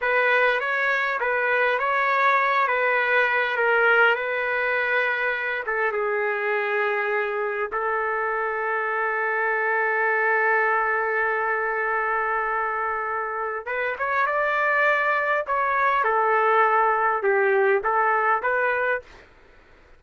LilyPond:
\new Staff \with { instrumentName = "trumpet" } { \time 4/4 \tempo 4 = 101 b'4 cis''4 b'4 cis''4~ | cis''8 b'4. ais'4 b'4~ | b'4. a'8 gis'2~ | gis'4 a'2.~ |
a'1~ | a'2. b'8 cis''8 | d''2 cis''4 a'4~ | a'4 g'4 a'4 b'4 | }